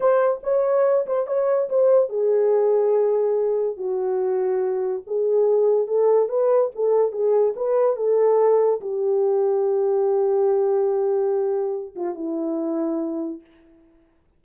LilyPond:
\new Staff \with { instrumentName = "horn" } { \time 4/4 \tempo 4 = 143 c''4 cis''4. c''8 cis''4 | c''4 gis'2.~ | gis'4 fis'2. | gis'2 a'4 b'4 |
a'4 gis'4 b'4 a'4~ | a'4 g'2.~ | g'1~ | g'8 f'8 e'2. | }